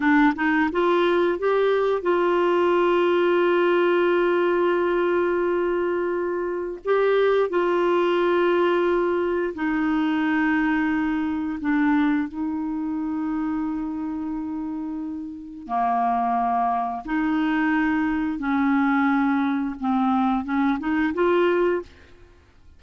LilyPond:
\new Staff \with { instrumentName = "clarinet" } { \time 4/4 \tempo 4 = 88 d'8 dis'8 f'4 g'4 f'4~ | f'1~ | f'2 g'4 f'4~ | f'2 dis'2~ |
dis'4 d'4 dis'2~ | dis'2. ais4~ | ais4 dis'2 cis'4~ | cis'4 c'4 cis'8 dis'8 f'4 | }